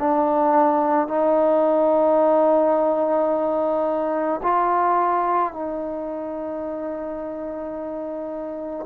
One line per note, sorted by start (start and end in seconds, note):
0.00 1.08 D4
1.08 4.41 D#4
4.43 5.53 F4
5.53 8.86 D#4